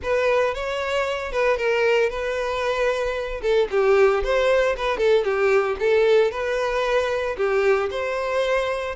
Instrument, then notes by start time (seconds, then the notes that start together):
violin
0.03 B4
0.54 C#5
1.32 B4
1.57 A#4
2.09 B4
3.41 A4
3.71 G4
4.23 C5
4.76 B4
4.97 A4
5.23 G4
5.79 A4
6.31 B4
7.37 G4
7.90 C5